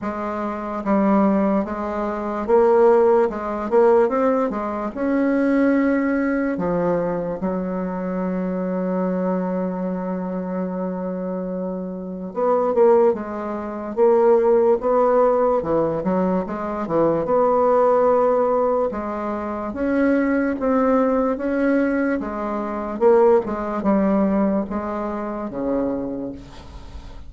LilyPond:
\new Staff \with { instrumentName = "bassoon" } { \time 4/4 \tempo 4 = 73 gis4 g4 gis4 ais4 | gis8 ais8 c'8 gis8 cis'2 | f4 fis2.~ | fis2. b8 ais8 |
gis4 ais4 b4 e8 fis8 | gis8 e8 b2 gis4 | cis'4 c'4 cis'4 gis4 | ais8 gis8 g4 gis4 cis4 | }